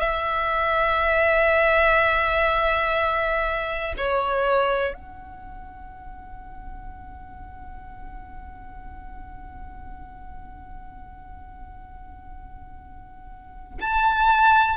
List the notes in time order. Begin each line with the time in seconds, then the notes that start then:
0.00 E5
3.97 C#5
4.93 F#5
13.81 A5